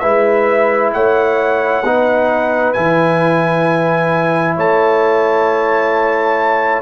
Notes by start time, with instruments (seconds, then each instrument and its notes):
0.00 tuba G#3, trombone E4, horn B4, trumpet E5
0.94 tuba A3, horn C#5, trumpet F#5
1.84 tuba B3, trombone D#4, horn B4
2.73 tuba E3, trombone E4, trumpet G#5
4.57 tuba A3, horn C#5, trumpet A5